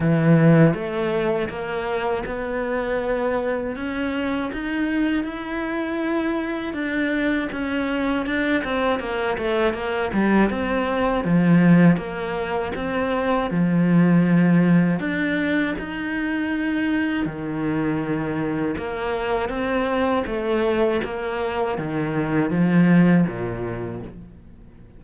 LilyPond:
\new Staff \with { instrumentName = "cello" } { \time 4/4 \tempo 4 = 80 e4 a4 ais4 b4~ | b4 cis'4 dis'4 e'4~ | e'4 d'4 cis'4 d'8 c'8 | ais8 a8 ais8 g8 c'4 f4 |
ais4 c'4 f2 | d'4 dis'2 dis4~ | dis4 ais4 c'4 a4 | ais4 dis4 f4 ais,4 | }